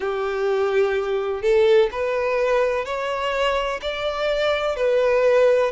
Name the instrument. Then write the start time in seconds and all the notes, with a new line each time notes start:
violin
0.00 G4
1.42 A4
1.91 B4
2.85 C#5
3.81 D5
4.76 B4